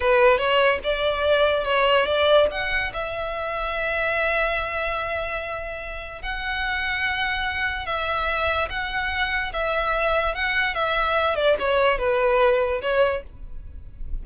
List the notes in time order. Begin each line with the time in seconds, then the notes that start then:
0.00 B4
0.37 C#5
0.83 D5
1.64 C#5
2.06 D5
2.51 F#5
2.93 E5
6.22 F#5
7.85 E5
8.69 F#5
9.52 E5
10.34 F#5
10.74 E5
11.35 D5
11.59 C#5
11.98 B4
12.81 C#5